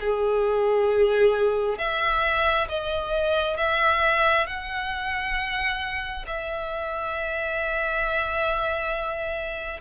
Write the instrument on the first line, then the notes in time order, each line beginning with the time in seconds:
violin
0.00 G#4
1.78 E5
2.69 D#5
3.57 E5
4.47 F#5
6.27 E5